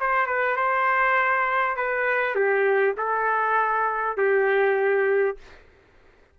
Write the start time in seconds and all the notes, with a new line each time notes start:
0.00 C5
0.26 B4
0.56 C5
1.76 B4
2.35 G4
2.98 A4
4.17 G4